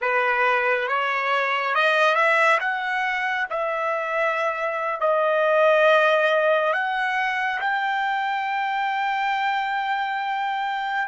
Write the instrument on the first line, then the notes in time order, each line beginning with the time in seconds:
trumpet
0.01 B4
0.87 C#5
1.74 D#5
2.15 E5
2.60 F#5
3.49 E5
5.00 D#5
6.73 F#5
7.60 G5